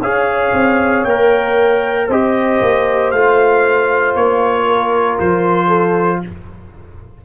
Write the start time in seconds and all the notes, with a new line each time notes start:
0.00 C#4 G#4 C#5 F5
0.52 C4
1.04 A#3 A#4 G5
2.07 C4 G4 C5 D#5
2.61 A#3
3.11 A3 F4 F5
4.15 A#3 C#5
4.66 A#4
5.19 F3 C5
5.67 A4